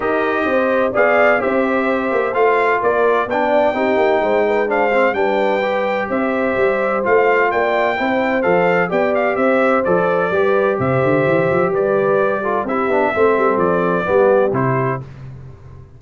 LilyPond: <<
  \new Staff \with { instrumentName = "trumpet" } { \time 4/4 \tempo 4 = 128 dis''2 f''4 e''4~ | e''4 f''4 d''4 g''4~ | g''2 f''4 g''4~ | g''4 e''2 f''4 |
g''2 f''4 g''8 f''8 | e''4 d''2 e''4~ | e''4 d''2 e''4~ | e''4 d''2 c''4 | }
  \new Staff \with { instrumentName = "horn" } { \time 4/4 ais'4 c''4 d''4 c''4~ | c''2 ais'4 d''4 | g'4 c''8 b'8 c''4 b'4~ | b'4 c''2. |
d''4 c''2 d''4 | c''2 b'4 c''4~ | c''4 b'4. a'8 g'4 | a'2 g'2 | }
  \new Staff \with { instrumentName = "trombone" } { \time 4/4 g'2 gis'4 g'4~ | g'4 f'2 d'4 | dis'2 d'8 c'8 d'4 | g'2. f'4~ |
f'4 e'4 a'4 g'4~ | g'4 a'4 g'2~ | g'2~ g'8 f'8 e'8 d'8 | c'2 b4 e'4 | }
  \new Staff \with { instrumentName = "tuba" } { \time 4/4 dis'4 c'4 b4 c'4~ | c'8 ais8 a4 ais4 b4 | c'8 ais8 gis2 g4~ | g4 c'4 g4 a4 |
ais4 c'4 f4 b4 | c'4 f4 g4 c8 d8 | e8 f8 g2 c'8 b8 | a8 g8 f4 g4 c4 | }
>>